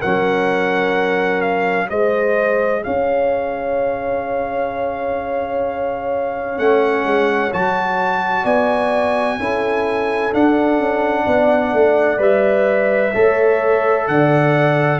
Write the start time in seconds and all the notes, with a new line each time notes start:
0.00 F#3 C#4 A#4 F#5
1.41 F5
1.88 G#3 G#4 C5 D#5
2.83 C#4 C#5 F5
6.57 A3 C#4 F#5
7.04 G#3
7.52 F#3 F#4 A5
8.43 B3 D5 G#5
9.39 C#4 E4 A4
10.33 D4 F#5
10.79 C#4
11.24 B3 D5
11.73 A3
12.17 G3 B4 E5
13.13 A3 A4 C#5
14.07 D3 D5 F#5